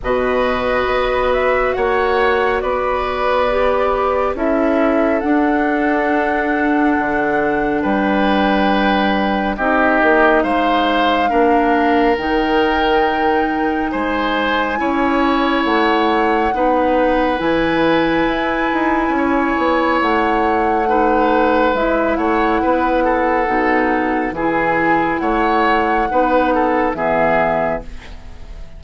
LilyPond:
<<
  \new Staff \with { instrumentName = "flute" } { \time 4/4 \tempo 4 = 69 dis''4. e''8 fis''4 d''4~ | d''4 e''4 fis''2~ | fis''4 g''2 dis''4 | f''2 g''2 |
gis''2 fis''2 | gis''2. fis''4~ | fis''4 e''8 fis''2~ fis''8 | gis''4 fis''2 e''4 | }
  \new Staff \with { instrumentName = "oboe" } { \time 4/4 b'2 cis''4 b'4~ | b'4 a'2.~ | a'4 b'2 g'4 | c''4 ais'2. |
c''4 cis''2 b'4~ | b'2 cis''2 | b'4. cis''8 b'8 a'4. | gis'4 cis''4 b'8 a'8 gis'4 | }
  \new Staff \with { instrumentName = "clarinet" } { \time 4/4 fis'1 | g'4 e'4 d'2~ | d'2. dis'4~ | dis'4 d'4 dis'2~ |
dis'4 e'2 dis'4 | e'1 | dis'4 e'2 dis'4 | e'2 dis'4 b4 | }
  \new Staff \with { instrumentName = "bassoon" } { \time 4/4 b,4 b4 ais4 b4~ | b4 cis'4 d'2 | d4 g2 c'8 ais8 | gis4 ais4 dis2 |
gis4 cis'4 a4 b4 | e4 e'8 dis'8 cis'8 b8 a4~ | a4 gis8 a8 b4 b,4 | e4 a4 b4 e4 | }
>>